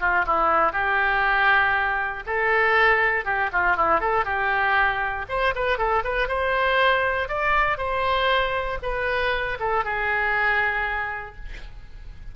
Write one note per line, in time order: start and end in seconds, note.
0.00 0.25 F4
0.26 0.72 E4
0.72 2.23 G4
2.26 3.25 A4
3.25 3.50 G4
3.52 3.77 F4
3.77 4.00 E4
4.00 4.25 A4
4.25 5.26 G4
5.29 5.54 C5
5.55 5.78 B4
5.78 6.03 A4
6.04 6.28 B4
6.28 7.28 C5
7.28 7.77 D5
7.77 8.78 C5
8.82 9.58 B4
9.60 9.84 A4
9.84 11.36 G#4